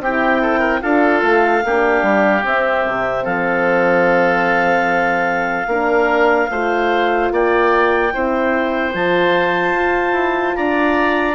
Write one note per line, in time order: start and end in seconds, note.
0.00 0.81 C4
0.00 0.81 E4
0.00 0.41 G4
0.00 0.82 G5
0.41 0.59 A4
0.59 0.79 A#4
0.81 1.22 D4
0.81 1.62 F4
0.81 1.64 A4
0.81 2.44 F5
1.22 1.63 A3
1.64 2.02 A#3
1.64 2.42 D4
1.64 3.24 G4
2.02 2.43 G3
2.42 5.66 C4
2.42 2.84 C4
2.42 3.25 E5
2.86 3.26 C3
3.24 5.67 F3
3.24 5.67 A4
3.24 7.30 F5
5.67 6.48 A#3
5.67 6.51 D4
5.67 6.50 A#4
6.50 7.31 A3
6.50 8.13 F4
6.50 7.32 C5
7.31 8.12 A#3
7.31 8.13 D5
7.31 8.95 G5
8.13 8.94 C4
8.13 8.92 E4
8.13 10.57 C5
8.92 9.74 F3
8.92 11.35 F4
8.92 10.56 A5
9.74 10.12 F4
10.12 10.53 E4
10.56 11.35 D4
10.56 11.35 D5
10.56 11.35 A#5